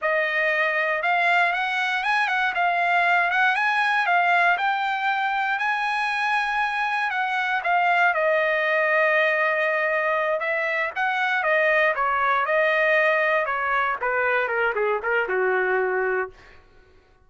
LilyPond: \new Staff \with { instrumentName = "trumpet" } { \time 4/4 \tempo 4 = 118 dis''2 f''4 fis''4 | gis''8 fis''8 f''4. fis''8 gis''4 | f''4 g''2 gis''4~ | gis''2 fis''4 f''4 |
dis''1~ | dis''8 e''4 fis''4 dis''4 cis''8~ | cis''8 dis''2 cis''4 b'8~ | b'8 ais'8 gis'8 ais'8 fis'2 | }